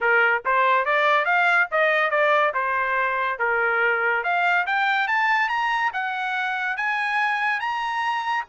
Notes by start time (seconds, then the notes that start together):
0.01 A#4
0.45 C5
0.85 D5
1.25 F5
1.71 D#5
2.10 D5
2.54 C5
3.39 A#4
4.23 F5
4.66 G5
5.07 A5
5.48 A#5
5.93 F#5
6.76 G#5
7.60 A#5